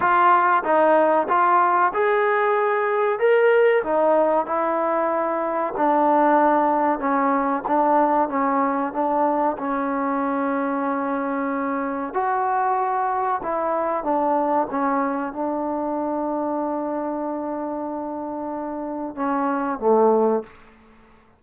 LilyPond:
\new Staff \with { instrumentName = "trombone" } { \time 4/4 \tempo 4 = 94 f'4 dis'4 f'4 gis'4~ | gis'4 ais'4 dis'4 e'4~ | e'4 d'2 cis'4 | d'4 cis'4 d'4 cis'4~ |
cis'2. fis'4~ | fis'4 e'4 d'4 cis'4 | d'1~ | d'2 cis'4 a4 | }